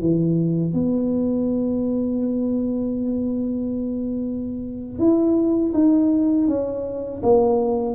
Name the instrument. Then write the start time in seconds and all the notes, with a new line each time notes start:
tuba
0.00 E3
0.74 B3
4.99 E4
5.74 D#4
6.48 C#4
7.23 A#3